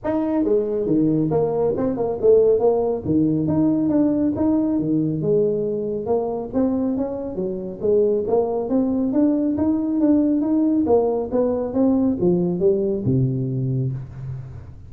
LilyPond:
\new Staff \with { instrumentName = "tuba" } { \time 4/4 \tempo 4 = 138 dis'4 gis4 dis4 ais4 | c'8 ais8 a4 ais4 dis4 | dis'4 d'4 dis'4 dis4 | gis2 ais4 c'4 |
cis'4 fis4 gis4 ais4 | c'4 d'4 dis'4 d'4 | dis'4 ais4 b4 c'4 | f4 g4 c2 | }